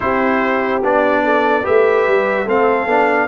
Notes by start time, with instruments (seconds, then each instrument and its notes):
0.00 tuba C4, trombone E4, horn G4, trumpet C5
0.82 tuba B3, trombone D4, trumpet D5
1.23 horn A4
1.63 tuba A3, trombone G4, horn B4, trumpet E5
2.07 tuba G3
2.45 tuba A3, trombone C4, horn A4, trumpet F5
2.87 tuba B3, trombone D4